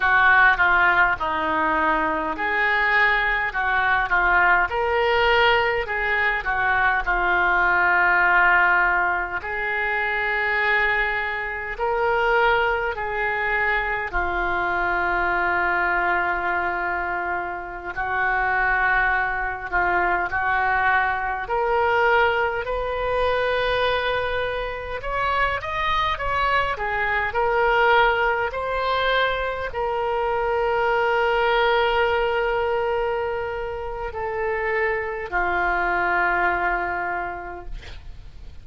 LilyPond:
\new Staff \with { instrumentName = "oboe" } { \time 4/4 \tempo 4 = 51 fis'8 f'8 dis'4 gis'4 fis'8 f'8 | ais'4 gis'8 fis'8 f'2 | gis'2 ais'4 gis'4 | f'2.~ f'16 fis'8.~ |
fis'8. f'8 fis'4 ais'4 b'8.~ | b'4~ b'16 cis''8 dis''8 cis''8 gis'8 ais'8.~ | ais'16 c''4 ais'2~ ais'8.~ | ais'4 a'4 f'2 | }